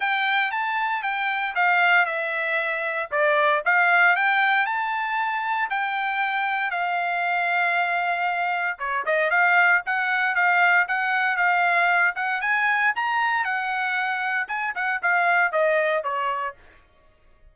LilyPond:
\new Staff \with { instrumentName = "trumpet" } { \time 4/4 \tempo 4 = 116 g''4 a''4 g''4 f''4 | e''2 d''4 f''4 | g''4 a''2 g''4~ | g''4 f''2.~ |
f''4 cis''8 dis''8 f''4 fis''4 | f''4 fis''4 f''4. fis''8 | gis''4 ais''4 fis''2 | gis''8 fis''8 f''4 dis''4 cis''4 | }